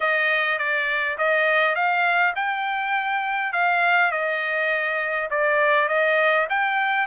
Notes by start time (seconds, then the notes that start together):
0.00 D#5
0.58 D5
1.17 D#5
1.75 F5
2.35 G5
3.52 F5
4.11 D#5
5.30 D5
5.88 D#5
6.49 G5